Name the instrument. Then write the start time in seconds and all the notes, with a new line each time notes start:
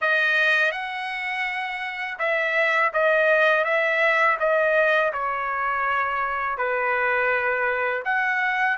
trumpet
0.01 D#5
0.72 F#5
2.19 E5
2.93 D#5
3.64 E5
4.39 D#5
5.13 C#5
6.57 B4
8.05 F#5